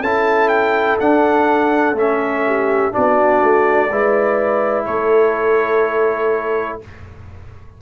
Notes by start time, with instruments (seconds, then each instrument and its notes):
0.00 tuba C#4, trombone E4, horn A4, trumpet A5
0.49 trumpet G5
0.99 trombone D4, tuba D4, trumpet F#5
1.93 tuba A3, trombone C#4, trumpet E5
2.46 horn G4
2.92 tuba B3, trombone D4, horn F#4, trumpet D5
3.42 tuba A3
3.90 tuba G#3, trombone E4, horn B4
4.85 tuba A3, horn A4, trumpet C#5